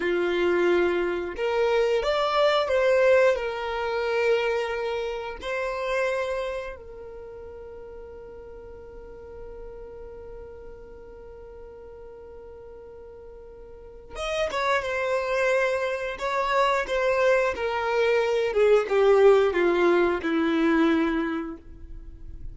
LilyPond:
\new Staff \with { instrumentName = "violin" } { \time 4/4 \tempo 4 = 89 f'2 ais'4 d''4 | c''4 ais'2. | c''2 ais'2~ | ais'1~ |
ais'1~ | ais'4 dis''8 cis''8 c''2 | cis''4 c''4 ais'4. gis'8 | g'4 f'4 e'2 | }